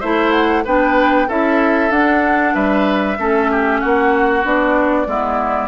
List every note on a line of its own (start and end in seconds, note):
0.00 0.65 A3
0.00 0.65 E4
0.00 0.63 C5
0.00 0.32 E5
0.32 0.63 F#5
0.64 1.28 B3
0.64 1.28 D4
0.64 1.28 B4
0.64 1.30 G5
1.28 1.90 C#4
1.28 1.91 E4
1.28 2.54 A4
1.28 1.91 E5
1.90 2.53 D4
1.90 3.17 D4
1.90 2.54 F#5
2.54 3.18 G3
2.54 3.17 B4
2.54 3.81 E5
3.18 3.82 A3
3.18 4.43 C#4
3.18 3.51 A4
3.51 3.81 G4
3.81 4.44 A#3
3.81 5.07 F#4
3.81 4.44 F#5
4.43 5.07 B3
4.43 5.06 D4
4.43 5.68 D5
5.06 5.68 G#3
5.06 5.68 B3
5.06 5.68 E4